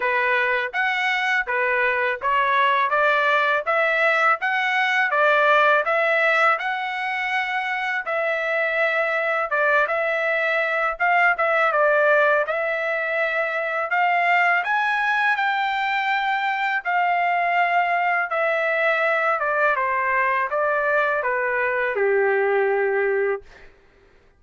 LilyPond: \new Staff \with { instrumentName = "trumpet" } { \time 4/4 \tempo 4 = 82 b'4 fis''4 b'4 cis''4 | d''4 e''4 fis''4 d''4 | e''4 fis''2 e''4~ | e''4 d''8 e''4. f''8 e''8 |
d''4 e''2 f''4 | gis''4 g''2 f''4~ | f''4 e''4. d''8 c''4 | d''4 b'4 g'2 | }